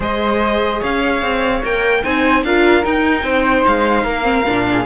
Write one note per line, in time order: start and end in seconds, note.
0.00 0.81 G#3
0.00 1.62 G#4
0.00 0.80 C5
0.00 0.82 D#5
0.80 1.21 C#4
0.80 2.01 C#5
0.80 1.63 F5
1.21 1.62 C4
1.63 2.04 A#3
1.63 2.04 A#4
1.63 2.03 G5
2.03 2.43 C4
2.03 2.44 D#4
2.03 2.44 C5
2.03 2.43 G#5
2.43 2.84 D4
2.43 2.83 F4
2.43 3.24 A#4
2.43 2.84 F5
2.83 4.23 D#4
2.83 3.22 D#4
2.83 3.65 G5
3.22 3.63 C4
3.22 4.03 C5
3.66 4.04 G#3
3.66 4.85 F5
4.03 4.45 A#3
4.03 4.63 A#4
4.23 4.43 C4
4.46 4.85 A#2
4.46 4.85 D4
4.70 4.85 G#4